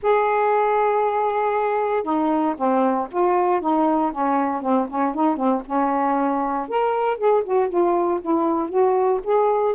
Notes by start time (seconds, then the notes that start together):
0.02 G#4
2.03 D#4
2.56 C4
3.11 F4
3.60 D#4
4.12 C#4
4.61 C4
4.88 C#4
5.14 D#4
5.36 C4
5.65 C#4
6.68 A#4
7.17 G#4
7.44 F#4
7.68 F4
8.21 E4
8.69 F#4
9.23 G#4